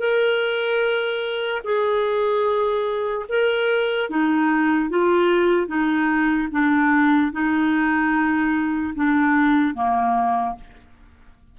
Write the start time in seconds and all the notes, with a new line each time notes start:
0.00 A#4
1.64 G#4
3.29 A#4
4.10 D#4
4.90 F4
5.68 D#4
6.52 D4
7.32 D#4
8.96 D4
9.75 A#3